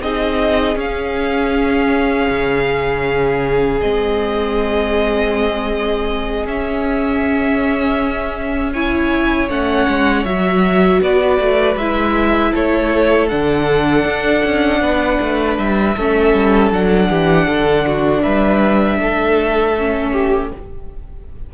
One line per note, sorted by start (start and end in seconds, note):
0.00 0.76 C4
0.00 0.75 D#4
0.00 8.73 G#4
0.00 0.78 D#5
0.75 3.79 C#4
0.75 2.28 C#4
0.75 3.81 F5
2.30 3.81 C#3
3.81 6.47 G#3
3.81 6.46 C4
3.81 6.47 D#5
6.46 8.74 C#4
6.46 9.49 C#4
6.46 8.73 E5
8.73 9.50 E4
8.73 11.00 C#5
8.73 9.49 G#5
9.49 9.87 A3
9.49 10.25 C#4
9.49 10.25 F#5
9.88 10.25 G#3
10.25 11.01 F#3
10.25 11.77 F#4
10.25 11.01 E5
11.01 11.39 B3
11.01 12.51 B4
11.01 11.78 D5
11.40 11.76 A3
11.76 12.52 G#3
11.76 13.30 E4
11.76 12.54 E5
12.51 13.32 A3
12.51 14.79 A4
12.51 13.28 C#5
13.28 14.05 D3
13.28 15.96 D4
13.28 15.56 F#5
14.05 14.43 D4
14.45 14.81 C#4
14.81 15.19 B3
14.81 15.96 B4
15.21 15.58 A3
15.58 15.96 G3
15.58 16.72 E5
15.96 16.34 A3
15.96 16.73 C#4
15.96 17.09 A4
16.34 16.71 G3
16.71 17.09 F#3
16.71 19.77 D4
16.71 18.22 F#5
17.09 17.48 E3
17.09 17.47 G4
17.47 18.25 D3
17.47 17.85 A4
17.87 18.22 F#4
18.22 19.00 G3
18.22 18.98 B4
18.22 20.50 E5
19.00 20.51 A3
19.00 20.12 A4
19.78 20.54 C#4
20.12 20.50 G4